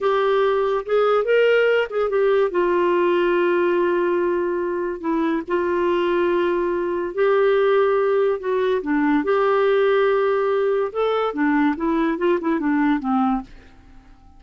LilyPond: \new Staff \with { instrumentName = "clarinet" } { \time 4/4 \tempo 4 = 143 g'2 gis'4 ais'4~ | ais'8 gis'8 g'4 f'2~ | f'1 | e'4 f'2.~ |
f'4 g'2. | fis'4 d'4 g'2~ | g'2 a'4 d'4 | e'4 f'8 e'8 d'4 c'4 | }